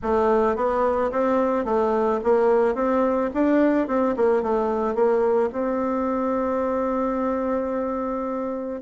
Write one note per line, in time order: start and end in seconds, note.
0.02 0.56 A3
0.56 1.11 B3
1.11 1.64 C4
1.64 2.19 A3
2.23 2.74 A#3
2.74 3.30 C4
3.34 3.87 D4
3.87 4.15 C4
4.16 4.42 A#3
4.42 4.94 A3
4.94 5.49 A#3
5.52 8.81 C4